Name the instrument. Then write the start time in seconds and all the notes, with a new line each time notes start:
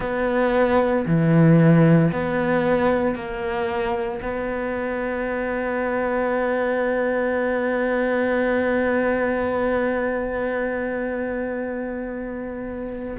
cello
0.00 B3
1.06 E3
2.11 B3
3.15 A#3
4.22 B3